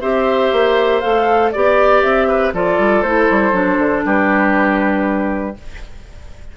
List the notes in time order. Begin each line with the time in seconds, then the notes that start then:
0.00 C4 G4 C5 E5
0.52 A#3
1.00 A3 A4 F5
1.51 B3 G4 D5
2.02 C4 E5
2.28 B4
2.53 F3 F4 A4 D5
2.78 G3
3.02 A3 E4 C5
3.30 G3
3.52 F#3 D4
3.78 D3
4.05 G3 G4 B4